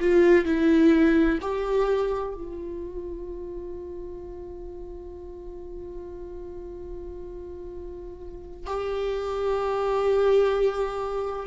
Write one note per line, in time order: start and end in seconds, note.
0.00 0.46 F4
0.46 1.39 E4
1.41 2.34 G4
2.34 8.67 F4
8.67 11.47 G4